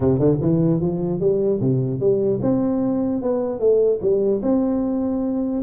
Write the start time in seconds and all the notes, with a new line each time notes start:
0.00 C3
0.19 D3
0.41 E3
0.81 F3
1.20 G3
1.60 C3
2.00 G3
2.42 C4
3.21 B3
3.59 A3
4.01 G3
4.42 C4